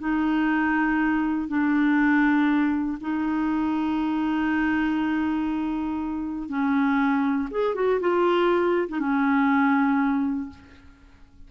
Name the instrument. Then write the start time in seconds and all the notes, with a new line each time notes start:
clarinet
0.00 D#4
1.48 D4
3.01 D#4
6.49 C#4
7.51 G#4
7.75 F#4
8.01 F4
8.89 D#4
9.00 C#4